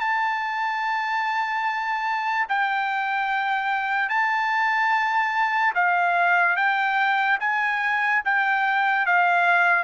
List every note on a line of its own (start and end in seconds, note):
0.00 2.47 A5
2.48 4.09 G5
4.09 5.73 A5
5.75 6.56 F5
6.56 7.38 G5
7.40 8.22 G#5
8.25 9.06 G5
9.06 9.84 F5